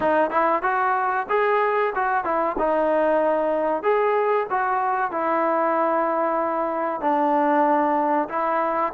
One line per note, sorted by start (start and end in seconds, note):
0.00 0.30 D#4
0.30 0.62 E4
0.62 1.26 F#4
1.29 1.93 G#4
1.95 2.24 F#4
2.24 2.56 E4
2.58 3.83 D#4
3.83 4.47 G#4
4.49 5.11 F#4
5.11 7.01 E4
7.01 8.28 D4
8.29 8.92 E4